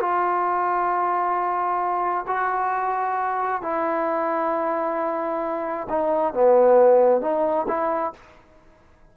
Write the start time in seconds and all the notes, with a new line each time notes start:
0.00 F4
2.27 F#4
3.62 E4
5.90 D#4
6.34 B3
7.21 D#4
7.68 E4